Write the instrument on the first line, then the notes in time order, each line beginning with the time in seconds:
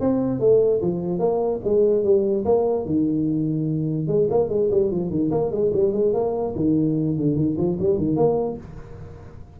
tuba
0.00 C4
0.39 A3
0.81 F3
1.19 A#3
1.64 G#3
2.03 G3
2.45 A#3
2.85 D#3
4.07 G#3
4.30 A#3
4.49 G#3
4.71 G3
4.91 F3
5.10 D#3
5.31 A#3
5.51 G#3
5.73 G3
5.92 G#3
6.13 A#3
6.55 D#3
7.17 D3
7.36 D#3
7.57 F3
7.80 G3
7.98 D#3
8.16 A#3